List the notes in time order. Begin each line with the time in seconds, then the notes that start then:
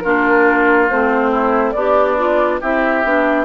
0.00 A#3 D4 F4 A#4
0.89 A3 C4 C5
1.31 E4
1.71 B3 D4 G4 D5
2.18 F4
2.61 C4 E4 G4 E5
3.04 B3 D4